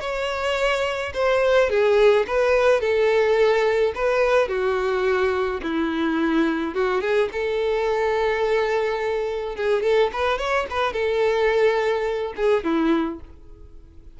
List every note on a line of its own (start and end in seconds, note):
0.00 1.12 C#5
1.14 1.70 C5
1.70 2.26 G#4
2.27 2.81 B4
2.81 3.93 A4
3.95 4.48 B4
4.48 5.60 F#4
5.62 6.74 E4
6.74 7.01 F#4
7.01 7.29 G#4
7.32 9.56 A4
9.56 9.83 G#4
9.83 10.11 A4
10.12 10.38 B4
10.38 10.66 C#5
10.70 10.93 B4
10.93 12.33 A4
12.36 12.63 G#4
12.63 13.20 E4